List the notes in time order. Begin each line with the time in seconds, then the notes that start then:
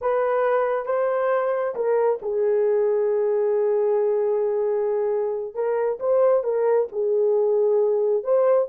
0.01 B4
0.85 C5
1.75 A#4
2.21 G#4
5.54 A#4
5.99 C5
6.43 A#4
6.92 G#4
8.23 C5